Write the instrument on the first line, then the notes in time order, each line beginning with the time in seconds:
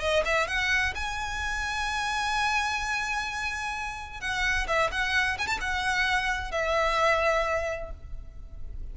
violin
0.00 D#5
0.25 E5
0.47 F#5
0.95 G#5
4.21 F#5
4.67 E5
4.92 F#5
5.38 G#5
5.47 A5
5.61 F#5
6.51 E5